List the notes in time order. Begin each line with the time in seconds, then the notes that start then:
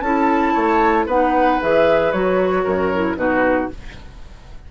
0.00 C#4 E4 A4 A5
0.53 A3 C#5
1.06 B3 D#4 B4 F#5
1.62 E3 G#4 E5
2.12 F#3 F#4 C#5
2.63 F#2 A#4
2.93 E4
3.16 B2 D#4 F#4 B4